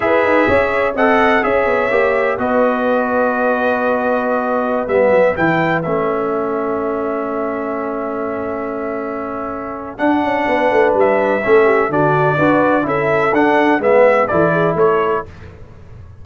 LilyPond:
<<
  \new Staff \with { instrumentName = "trumpet" } { \time 4/4 \tempo 4 = 126 e''2 fis''4 e''4~ | e''4 dis''2.~ | dis''2~ dis''16 e''4 g''8.~ | g''16 e''2.~ e''8.~ |
e''1~ | e''4 fis''2 e''4~ | e''4 d''2 e''4 | fis''4 e''4 d''4 cis''4 | }
  \new Staff \with { instrumentName = "horn" } { \time 4/4 b'4 cis''4 dis''4 cis''4~ | cis''4 b'2.~ | b'1~ | b'4~ b'16 a'2~ a'8.~ |
a'1~ | a'2 b'2 | a'8 g'8 fis'4 b'4 a'4~ | a'4 b'4 a'8 gis'8 a'4 | }
  \new Staff \with { instrumentName = "trombone" } { \time 4/4 gis'2 a'4 gis'4 | g'4 fis'2.~ | fis'2~ fis'16 b4 e'8.~ | e'16 cis'2.~ cis'8.~ |
cis'1~ | cis'4 d'2. | cis'4 d'4 fis'4 e'4 | d'4 b4 e'2 | }
  \new Staff \with { instrumentName = "tuba" } { \time 4/4 e'8 dis'8 cis'4 c'4 cis'8 b8 | ais4 b2.~ | b2~ b16 g8 fis8 e8.~ | e16 a2.~ a8.~ |
a1~ | a4 d'8 cis'8 b8 a8 g4 | a4 d4 d'4 cis'4 | d'4 gis4 e4 a4 | }
>>